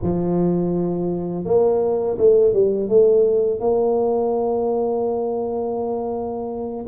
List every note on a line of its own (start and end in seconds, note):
0.02 1.45 F3
1.45 2.17 A#3
2.17 2.53 A3
2.53 2.88 G3
2.88 3.60 A3
3.60 6.85 A#3